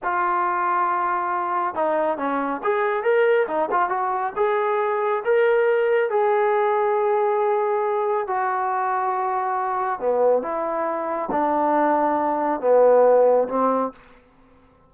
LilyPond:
\new Staff \with { instrumentName = "trombone" } { \time 4/4 \tempo 4 = 138 f'1 | dis'4 cis'4 gis'4 ais'4 | dis'8 f'8 fis'4 gis'2 | ais'2 gis'2~ |
gis'2. fis'4~ | fis'2. b4 | e'2 d'2~ | d'4 b2 c'4 | }